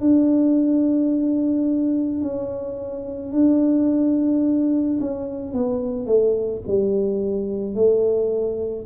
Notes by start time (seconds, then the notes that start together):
0.00 D4
2.21 C#4
3.32 D4
5.00 C#4
5.53 B3
6.06 A3
6.67 G3
7.74 A3